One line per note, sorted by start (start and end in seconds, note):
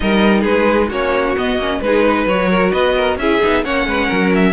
0.00 0.44 G3
0.00 0.91 D#4
0.00 0.41 A#4
0.00 0.42 D#5
0.41 0.90 G#3
0.41 0.86 G#4
0.41 0.89 B4
0.87 1.35 A#3
0.87 1.36 C#4
0.87 1.78 F#4
0.87 1.36 C#5
1.37 1.59 B3
1.37 1.57 B3
1.37 1.80 D#5
1.57 1.79 A#3
1.57 1.83 C#4
1.80 2.26 G#3
1.80 2.28 D#4
1.80 2.04 G#4
1.80 2.26 B4
2.04 2.49 B4
2.26 2.71 F#3
2.26 3.19 F#4
2.26 2.71 C#5
2.49 2.72 A#4
2.71 3.16 B3
2.71 2.95 B4
2.71 3.17 D#5
2.95 3.18 A#4
3.16 3.39 C#4
3.16 3.41 E4
3.16 3.64 G#4
3.16 3.64 E5
3.41 3.65 B3
3.41 3.64 D#4
3.64 3.86 A#3
3.64 4.53 C#4
3.64 3.87 C#5
3.64 4.32 F#5
3.86 4.08 G#3
3.86 4.06 B4
4.06 4.53 F#3
4.06 4.51 A#4
4.35 4.53 E5